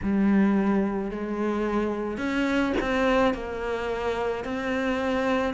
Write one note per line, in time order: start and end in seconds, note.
0.03 1.11 G3
1.11 2.17 G#3
2.17 2.73 C#4
2.80 3.34 C4
3.34 4.44 A#3
4.44 5.54 C4